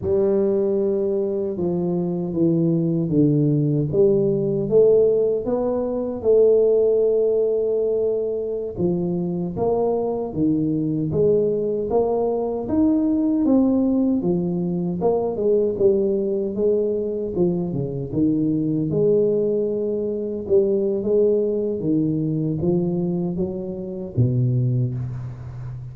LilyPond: \new Staff \with { instrumentName = "tuba" } { \time 4/4 \tempo 4 = 77 g2 f4 e4 | d4 g4 a4 b4 | a2.~ a16 f8.~ | f16 ais4 dis4 gis4 ais8.~ |
ais16 dis'4 c'4 f4 ais8 gis16~ | gis16 g4 gis4 f8 cis8 dis8.~ | dis16 gis2 g8. gis4 | dis4 f4 fis4 b,4 | }